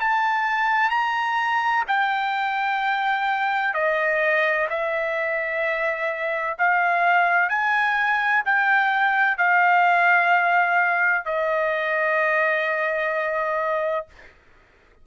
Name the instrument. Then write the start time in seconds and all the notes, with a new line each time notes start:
trumpet
0.00 A5
0.90 A#5
1.87 G5
3.74 D#5
4.70 E5
6.58 F5
7.49 G#5
8.45 G5
9.37 F5
11.25 D#5